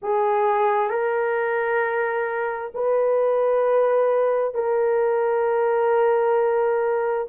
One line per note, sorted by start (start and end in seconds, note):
0.02 0.90 G#4
0.90 2.71 A#4
2.74 4.54 B4
4.54 7.27 A#4